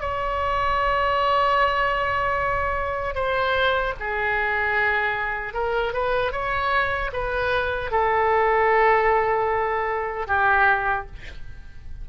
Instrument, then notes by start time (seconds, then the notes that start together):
oboe
0.00 C#5
3.15 C5
4.00 G#4
5.54 A#4
5.94 B4
6.32 C#5
7.13 B4
7.91 A4
10.27 G4